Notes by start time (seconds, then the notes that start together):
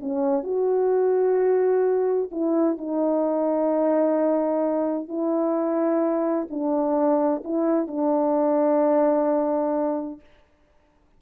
0.00 C#4
0.44 F#4
2.31 E4
2.78 D#4
5.08 E4
6.50 D4
7.44 E4
7.88 D4